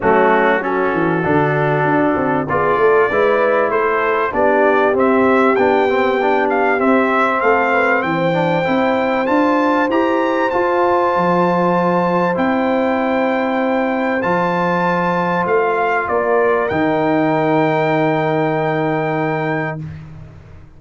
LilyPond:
<<
  \new Staff \with { instrumentName = "trumpet" } { \time 4/4 \tempo 4 = 97 fis'4 a'2. | d''2 c''4 d''4 | e''4 g''4. f''8 e''4 | f''4 g''2 a''4 |
ais''4 a''2. | g''2. a''4~ | a''4 f''4 d''4 g''4~ | g''1 | }
  \new Staff \with { instrumentName = "horn" } { \time 4/4 cis'4 fis'2. | gis'8 a'8 b'4 a'4 g'4~ | g'1 | a'8 b'8 c''2.~ |
c''1~ | c''1~ | c''2 ais'2~ | ais'1 | }
  \new Staff \with { instrumentName = "trombone" } { \time 4/4 a4 cis'4 d'2 | f'4 e'2 d'4 | c'4 d'8 c'8 d'4 c'4~ | c'4. d'8 e'4 f'4 |
g'4 f'2. | e'2. f'4~ | f'2. dis'4~ | dis'1 | }
  \new Staff \with { instrumentName = "tuba" } { \time 4/4 fis4. e8 d4 d'8 c'8 | b8 a8 gis4 a4 b4 | c'4 b2 c'4 | a4 e4 c'4 d'4 |
e'4 f'4 f2 | c'2. f4~ | f4 a4 ais4 dis4~ | dis1 | }
>>